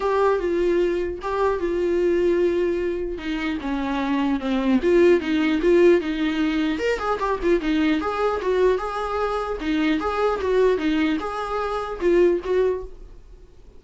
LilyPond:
\new Staff \with { instrumentName = "viola" } { \time 4/4 \tempo 4 = 150 g'4 f'2 g'4 | f'1 | dis'4 cis'2 c'4 | f'4 dis'4 f'4 dis'4~ |
dis'4 ais'8 gis'8 g'8 f'8 dis'4 | gis'4 fis'4 gis'2 | dis'4 gis'4 fis'4 dis'4 | gis'2 f'4 fis'4 | }